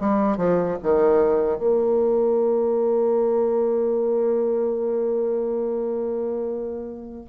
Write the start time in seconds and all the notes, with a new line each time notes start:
0.00 G3
0.38 F3
0.83 D#3
1.58 A#3